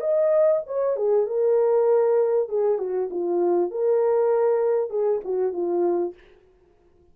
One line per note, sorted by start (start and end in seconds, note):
0.00 0.61 D#5
0.66 0.96 C#5
0.96 1.26 G#4
1.26 2.49 A#4
2.49 2.78 G#4
2.78 3.09 F#4
3.10 3.70 F4
3.70 4.90 A#4
4.90 5.20 G#4
5.24 5.53 F#4
5.53 6.14 F4